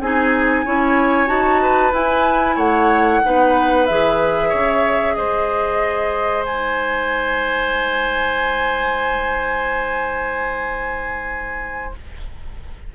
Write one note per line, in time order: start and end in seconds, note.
0.00 0.65 C4
0.00 0.65 D#4
0.00 0.65 G#4
0.00 1.27 G#5
0.65 1.28 C#4
0.65 1.26 E4
0.65 1.61 C#5
1.26 1.92 D#4
1.26 1.91 F#4
1.26 1.92 A5
1.61 2.56 B4
1.92 2.56 E4
1.92 3.22 E4
1.92 2.58 G#5
2.56 3.21 A3
2.56 3.20 C#5
2.56 3.85 F#5
3.23 3.90 B3
3.23 3.88 D#4
3.23 4.49 B4
3.85 4.53 E3
3.85 6.46 G#4
3.85 5.14 E5
4.49 5.17 C#3
4.49 5.13 C#5
5.14 11.94 G#3
5.14 11.94 C5
5.14 6.43 D#5
6.45 11.94 D#4
6.45 11.94 G#5